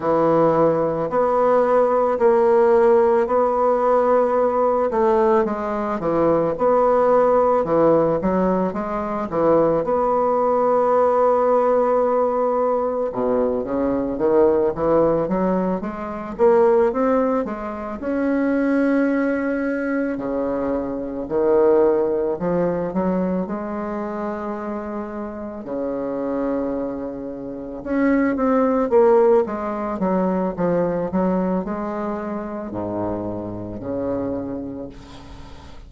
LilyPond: \new Staff \with { instrumentName = "bassoon" } { \time 4/4 \tempo 4 = 55 e4 b4 ais4 b4~ | b8 a8 gis8 e8 b4 e8 fis8 | gis8 e8 b2. | b,8 cis8 dis8 e8 fis8 gis8 ais8 c'8 |
gis8 cis'2 cis4 dis8~ | dis8 f8 fis8 gis2 cis8~ | cis4. cis'8 c'8 ais8 gis8 fis8 | f8 fis8 gis4 gis,4 cis4 | }